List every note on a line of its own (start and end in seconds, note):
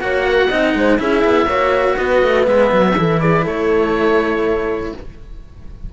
0.00 0.50 A#3
0.00 0.49 F#4
0.00 0.27 C#5
0.00 0.98 F#5
0.27 0.48 A#4
0.48 0.74 C4
0.48 0.97 D#4
0.48 0.73 D#5
0.74 0.99 G#3
0.74 0.99 C5
0.97 1.24 C#4
0.97 1.46 E4
0.97 1.47 G#4
0.97 1.97 E5
1.24 1.46 B3
1.46 1.94 A#3
1.46 2.43 F#4
1.46 1.96 C#5
1.97 2.22 B3
1.97 2.95 B4
1.97 2.45 D#5
2.23 2.47 A3
2.43 2.71 G#3
2.43 2.92 B3
2.43 3.20 E5
2.72 2.96 F#3
2.97 3.46 E3
2.97 4.92 E4
2.97 3.20 A4
3.20 3.43 G#4
3.20 3.45 D5
3.43 4.92 A3
3.43 4.89 A4
3.43 4.93 C#5